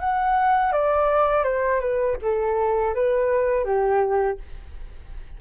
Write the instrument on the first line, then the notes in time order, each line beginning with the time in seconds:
flute
0.00 F#5
0.72 D5
1.44 C5
1.80 B4
2.22 A4
2.95 B4
3.65 G4